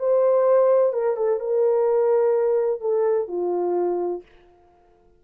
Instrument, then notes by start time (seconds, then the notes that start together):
horn
0.00 C5
0.94 A#4
1.17 A4
1.40 A#4
2.81 A4
3.28 F4